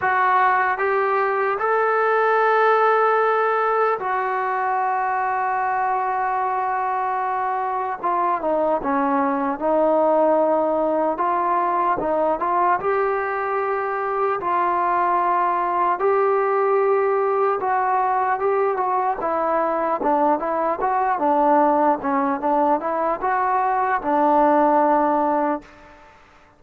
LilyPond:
\new Staff \with { instrumentName = "trombone" } { \time 4/4 \tempo 4 = 75 fis'4 g'4 a'2~ | a'4 fis'2.~ | fis'2 f'8 dis'8 cis'4 | dis'2 f'4 dis'8 f'8 |
g'2 f'2 | g'2 fis'4 g'8 fis'8 | e'4 d'8 e'8 fis'8 d'4 cis'8 | d'8 e'8 fis'4 d'2 | }